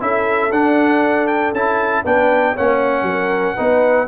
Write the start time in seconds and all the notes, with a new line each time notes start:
0.00 C#4 E4 A4 E5
0.51 D4 F#5
1.27 G5
1.53 C#4 E4 A5
2.05 B3 D4 B4 G5
2.54 A#3 C#4 C#5 F#5
3.02 F#3 A#4
3.55 B3 D#4 B4